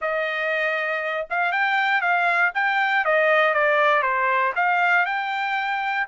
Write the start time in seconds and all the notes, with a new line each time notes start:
0.01 D#5
1.30 F5
1.52 G5
2.01 F5
2.54 G5
3.04 D#5
3.54 D5
4.02 C5
4.55 F5
5.05 G5